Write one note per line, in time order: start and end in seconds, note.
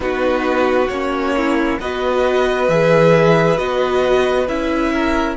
0.00 0.88 B3
0.00 0.88 D#4
0.00 1.35 F#4
0.00 0.88 B4
0.88 1.79 A#3
0.88 1.81 C#4
0.88 1.78 C#5
1.36 1.80 E4
1.79 2.68 B3
1.79 2.70 F#4
1.79 4.92 B4
1.79 2.68 D#5
2.68 3.58 E3
2.68 3.56 G#4
2.68 3.57 E5
3.56 4.48 B3
3.56 4.46 F#4
3.56 4.47 D#5
4.48 5.37 C#4
4.48 5.37 E4
4.48 5.37 E5
4.92 5.37 A#4